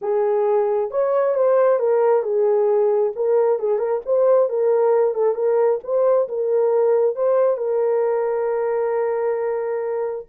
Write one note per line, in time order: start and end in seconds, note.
0.01 0.90 G#4
0.90 1.34 C#5
1.34 1.79 C5
1.79 2.23 A#4
2.23 3.12 G#4
3.15 3.59 A#4
3.59 3.78 G#4
3.78 4.00 A#4
4.05 4.49 C5
4.49 5.14 A#4
5.14 5.34 A4
5.34 5.79 A#4
5.83 6.28 C5
6.28 7.15 A#4
7.15 7.57 C5
7.57 10.26 A#4